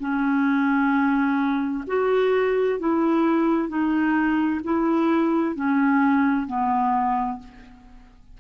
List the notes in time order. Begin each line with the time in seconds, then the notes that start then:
0.00 C#4
1.88 F#4
2.80 E4
3.69 D#4
4.64 E4
5.56 C#4
6.47 B3